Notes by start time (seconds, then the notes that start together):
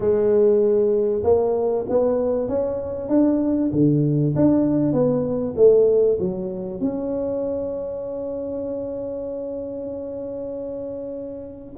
0.00 G#3
1.23 A#3
1.89 B3
2.48 C#4
3.08 D4
3.72 D3
4.35 D4
4.92 B3
5.56 A3
6.19 F#3
6.80 C#4